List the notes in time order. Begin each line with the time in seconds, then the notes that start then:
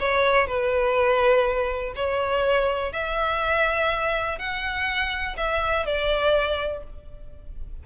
0.00 C#5
0.47 B4
1.96 C#5
2.93 E5
4.39 F#5
5.37 E5
5.86 D5